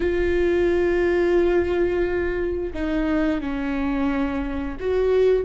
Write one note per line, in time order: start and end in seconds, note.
0.00 2.73 F4
2.73 3.41 D#4
3.41 4.77 C#4
4.79 5.44 F#4